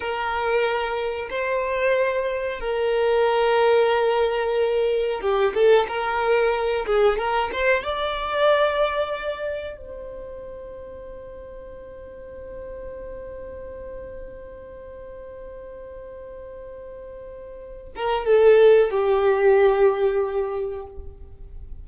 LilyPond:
\new Staff \with { instrumentName = "violin" } { \time 4/4 \tempo 4 = 92 ais'2 c''2 | ais'1 | g'8 a'8 ais'4. gis'8 ais'8 c''8 | d''2. c''4~ |
c''1~ | c''1~ | c''2.~ c''8 ais'8 | a'4 g'2. | }